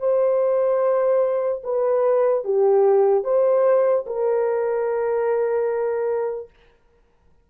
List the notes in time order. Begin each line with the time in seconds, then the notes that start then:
0.00 C5
1.64 B4
2.45 G4
3.25 C5
4.07 A#4